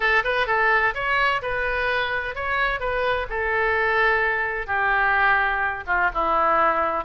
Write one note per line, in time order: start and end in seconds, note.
0.00 0.23 A4
0.24 0.47 B4
0.47 0.94 A4
0.94 1.41 C#5
1.41 2.35 B4
2.35 2.80 C#5
2.80 3.26 B4
3.29 4.66 A4
4.66 5.84 G4
5.86 6.10 F4
6.14 7.04 E4